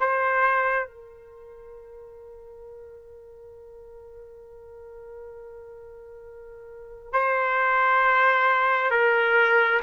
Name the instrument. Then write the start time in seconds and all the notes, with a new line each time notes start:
trumpet
0.00 C5
0.88 A#4
7.13 C5
8.91 A#4